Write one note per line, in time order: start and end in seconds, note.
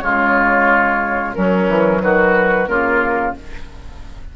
0.00 1.35 C#3
0.00 1.35 G#3
0.00 1.36 F4
0.00 1.33 C#5
1.34 2.69 F#3
1.34 1.69 F#3
1.34 2.03 C#4
1.34 2.01 A#4
1.69 2.02 E3
2.01 2.68 D#3
2.01 2.70 F#4
2.01 2.67 B4
2.67 3.35 C#3
2.67 3.36 A#3
2.67 3.36 F4
2.67 3.34 A#4